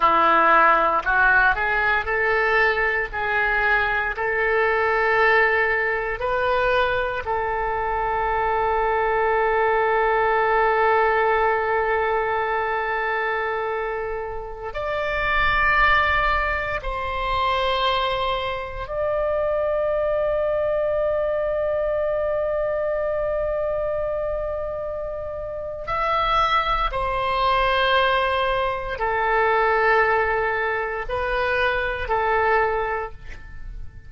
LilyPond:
\new Staff \with { instrumentName = "oboe" } { \time 4/4 \tempo 4 = 58 e'4 fis'8 gis'8 a'4 gis'4 | a'2 b'4 a'4~ | a'1~ | a'2~ a'16 d''4.~ d''16~ |
d''16 c''2 d''4.~ d''16~ | d''1~ | d''4 e''4 c''2 | a'2 b'4 a'4 | }